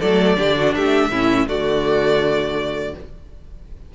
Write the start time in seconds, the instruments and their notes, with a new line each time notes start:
0.00 cello F#3, viola A3, violin A4 D5
0.37 cello D3, viola D4, violin G4
0.57 violin F#4
0.75 cello A3, violin G4 E5
1.09 cello A2, viola C#4, violin E4
1.48 cello D3, viola A3, violin F#4 D5